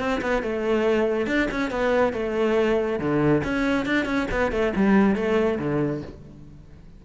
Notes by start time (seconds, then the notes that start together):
0.00 C4
0.22 B3
0.43 A3
1.27 D4
1.51 C#4
1.71 B3
2.13 A3
3.00 D3
3.44 C#4
3.86 D4
4.06 C#4
4.32 B3
4.52 A3
4.76 G3
5.16 A3
5.59 D3